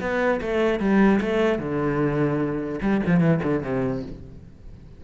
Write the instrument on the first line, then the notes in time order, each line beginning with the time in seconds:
cello
0.00 B3
0.41 A3
0.79 G3
1.21 A3
1.59 D3
2.81 G3
3.06 F3
3.20 E3
3.43 D3
3.62 C3